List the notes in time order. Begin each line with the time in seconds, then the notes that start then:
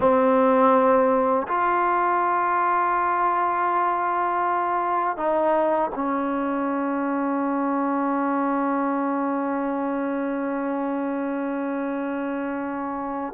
0.00 C4
1.47 F4
5.16 D#4
5.94 C#4